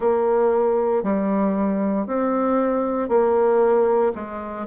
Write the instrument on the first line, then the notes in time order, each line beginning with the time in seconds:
bassoon
0.00 A#3
1.03 G3
2.06 C4
3.08 A#3
4.14 G#3